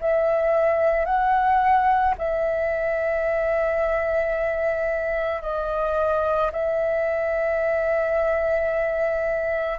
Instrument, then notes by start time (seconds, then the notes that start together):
flute
0.00 E5
1.05 F#5
2.18 E5
5.42 D#5
6.52 E5